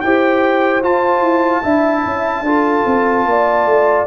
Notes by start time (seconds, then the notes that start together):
0.00 E4 G4 C5 G5
0.82 F4 A5
1.20 E4
1.62 D4 E4 E5
2.05 C#4
2.41 D4 F4 A4
2.85 C4
3.25 A#3 D5
3.65 A3